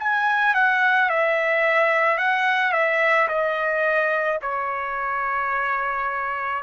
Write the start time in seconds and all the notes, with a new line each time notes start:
0.00 G#5
0.55 F#5
1.10 E5
2.18 F#5
2.73 E5
3.29 D#5
4.42 C#5